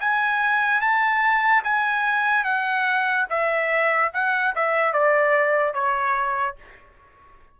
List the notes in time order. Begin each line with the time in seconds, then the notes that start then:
0.00 G#5
0.80 A5
1.64 G#5
2.44 F#5
3.29 E5
4.13 F#5
4.55 E5
4.93 D5
5.73 C#5